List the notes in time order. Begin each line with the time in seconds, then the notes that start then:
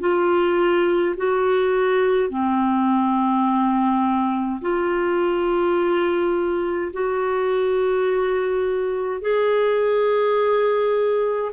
0.00 F4
1.16 F#4
2.30 C4
4.62 F4
6.92 F#4
9.21 G#4